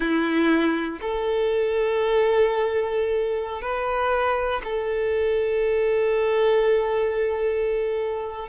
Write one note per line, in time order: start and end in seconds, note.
0.00 0.99 E4
1.01 3.61 A4
3.61 4.61 B4
4.64 8.48 A4